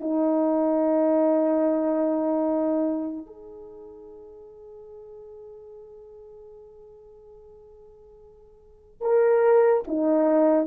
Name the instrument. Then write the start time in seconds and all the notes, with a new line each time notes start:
horn
0.00 D#4
3.27 G#4
9.01 A#4
9.87 D#4